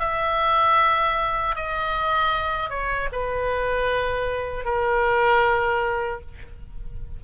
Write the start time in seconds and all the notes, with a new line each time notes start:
0.00 E5
1.56 D#5
2.70 C#5
3.13 B4
4.65 A#4